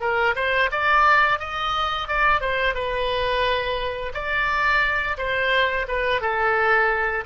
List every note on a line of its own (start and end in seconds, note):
0.00 0.34 A#4
0.35 0.70 C5
0.71 1.39 D5
1.39 2.08 D#5
2.08 2.40 D5
2.40 2.74 C5
2.74 4.12 B4
4.13 5.17 D5
5.17 5.86 C5
5.87 6.21 B4
6.21 7.24 A4